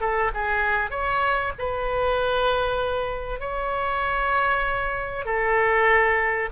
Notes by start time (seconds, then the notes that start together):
0.00 A4
0.34 G#4
0.90 C#5
1.58 B4
3.40 C#5
5.25 A4